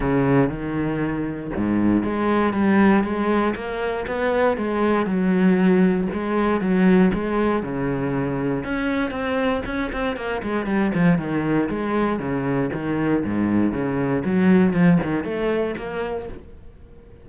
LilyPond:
\new Staff \with { instrumentName = "cello" } { \time 4/4 \tempo 4 = 118 cis4 dis2 gis,4 | gis4 g4 gis4 ais4 | b4 gis4 fis2 | gis4 fis4 gis4 cis4~ |
cis4 cis'4 c'4 cis'8 c'8 | ais8 gis8 g8 f8 dis4 gis4 | cis4 dis4 gis,4 cis4 | fis4 f8 dis8 a4 ais4 | }